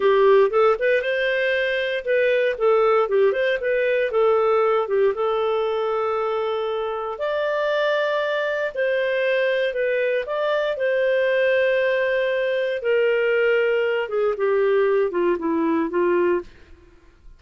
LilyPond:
\new Staff \with { instrumentName = "clarinet" } { \time 4/4 \tempo 4 = 117 g'4 a'8 b'8 c''2 | b'4 a'4 g'8 c''8 b'4 | a'4. g'8 a'2~ | a'2 d''2~ |
d''4 c''2 b'4 | d''4 c''2.~ | c''4 ais'2~ ais'8 gis'8 | g'4. f'8 e'4 f'4 | }